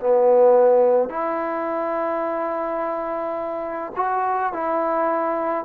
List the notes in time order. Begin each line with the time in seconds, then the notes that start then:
0.00 B3
1.10 E4
3.96 F#4
4.53 E4